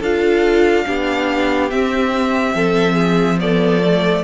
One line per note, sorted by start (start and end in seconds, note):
0.00 0.85 D4
0.00 0.85 F4
0.00 0.85 A4
0.00 1.70 F5
0.85 1.71 B3
0.85 1.69 D4
0.85 2.55 G4
1.70 2.54 C4
1.70 3.39 C4
1.70 3.39 E5
2.54 4.23 F3
2.54 2.95 A4
2.95 3.37 G#4
3.39 3.81 B3
3.39 4.24 A4
3.39 4.24 D5
3.81 4.23 A3